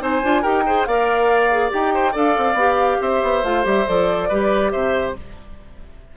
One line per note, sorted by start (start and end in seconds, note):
0.00 0.23 C4
0.00 0.21 D#4
0.00 0.42 C5
0.00 0.44 G#5
0.24 0.45 D4
0.24 0.44 F4
0.42 0.87 D#4
0.42 0.65 G4
0.42 0.64 A#4
0.42 0.85 G5
0.66 0.87 G#4
0.66 0.88 C5
0.85 1.73 A#3
0.85 1.51 A#4
0.85 1.94 D5
0.85 1.71 F5
1.51 1.70 G#4
1.70 2.16 D#4
1.70 2.13 G4
1.70 2.16 G5
1.94 2.12 C5
2.12 2.37 D4
2.12 2.56 A4
2.12 2.98 D5
2.12 3.02 F5
2.37 2.54 C4
2.54 2.97 B3
2.54 3.44 G4
3.01 3.22 C4
3.01 4.29 C5
3.01 3.45 E5
3.23 3.44 B3
3.44 3.65 A3
3.44 3.63 F4
3.44 3.66 F5
3.63 3.87 G3
3.63 3.85 G4
3.63 3.88 E5
3.87 4.31 F3
3.87 4.30 A4
3.87 4.71 D5
4.29 4.73 G3
4.29 5.17 G4
4.29 4.72 B4
4.71 5.16 C3
4.71 5.15 C5
4.71 5.14 E5